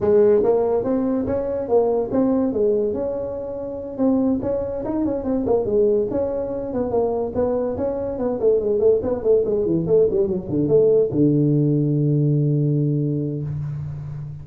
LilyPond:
\new Staff \with { instrumentName = "tuba" } { \time 4/4 \tempo 4 = 143 gis4 ais4 c'4 cis'4 | ais4 c'4 gis4 cis'4~ | cis'4. c'4 cis'4 dis'8 | cis'8 c'8 ais8 gis4 cis'4. |
b8 ais4 b4 cis'4 b8 | a8 gis8 a8 b8 a8 gis8 e8 a8 | g8 fis8 d8 a4 d4.~ | d1 | }